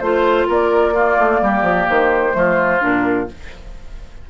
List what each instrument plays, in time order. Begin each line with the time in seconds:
0.00 bassoon A3, clarinet F4, flute C5, oboe C5
0.48 bassoon A#3, oboe A#4, flute D5
0.94 clarinet A#3, oboe F4
1.19 bassoon A3
1.42 bassoon G3, oboe G4
1.62 bassoon F3
1.90 bassoon D#3, flute C5
2.32 bassoon F3, clarinet A3, oboe F4
2.80 bassoon A#2, clarinet D4, flute A#4